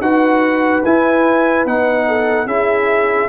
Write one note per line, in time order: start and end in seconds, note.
0.00 0.82 D#4
0.00 0.84 F#4
0.00 2.07 B4
0.00 0.83 F#5
0.84 1.65 E4
0.84 1.66 E4
0.84 1.66 G#5
1.65 2.46 B3
1.65 2.47 D#4
1.65 2.47 F#5
2.07 2.46 A4
2.46 3.28 C#4
2.46 3.28 E4
2.46 3.28 G#4
2.46 3.28 E5